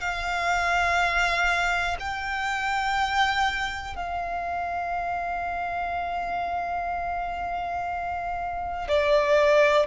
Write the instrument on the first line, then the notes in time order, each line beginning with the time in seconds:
violin
0.00 F5
1.99 G5
3.95 F5
8.87 D5